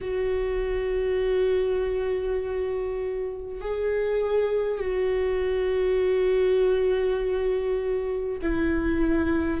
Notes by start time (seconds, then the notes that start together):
0.00 F#4
3.60 G#4
4.79 F#4
8.42 E4